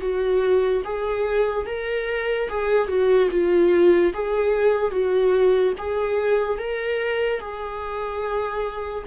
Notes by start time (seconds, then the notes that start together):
0.00 F#4
0.84 G#4
1.66 A#4
2.48 G#4
2.88 F#4
3.31 F4
4.14 G#4
4.91 F#4
5.78 G#4
6.58 A#4
7.39 G#4